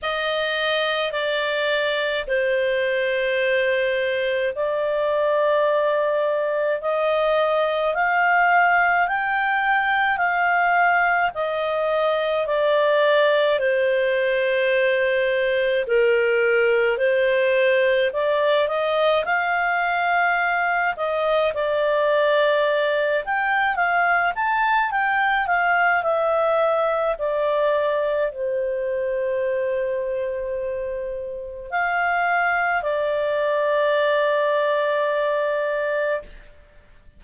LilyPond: \new Staff \with { instrumentName = "clarinet" } { \time 4/4 \tempo 4 = 53 dis''4 d''4 c''2 | d''2 dis''4 f''4 | g''4 f''4 dis''4 d''4 | c''2 ais'4 c''4 |
d''8 dis''8 f''4. dis''8 d''4~ | d''8 g''8 f''8 a''8 g''8 f''8 e''4 | d''4 c''2. | f''4 d''2. | }